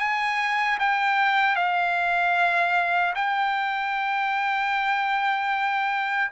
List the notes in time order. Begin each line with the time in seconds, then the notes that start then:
0.00 G#5
0.80 G5
1.56 F5
3.15 G5